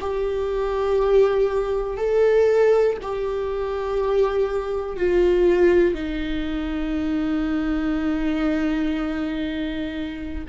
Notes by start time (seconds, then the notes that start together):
0.00 G4
1.97 A4
3.02 G4
4.96 F4
5.94 D#4